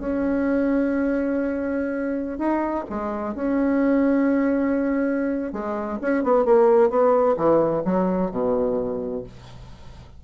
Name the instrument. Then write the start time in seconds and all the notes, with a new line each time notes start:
bassoon
0.00 C#4
2.39 D#4
2.90 G#3
3.36 C#4
5.53 G#3
6.02 C#4
6.24 B3
6.46 A#3
6.90 B3
7.37 E3
7.85 F#3
8.32 B2